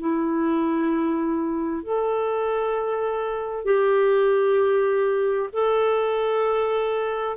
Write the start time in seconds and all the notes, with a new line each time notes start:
0.00 E4
1.83 A4
3.65 G4
5.53 A4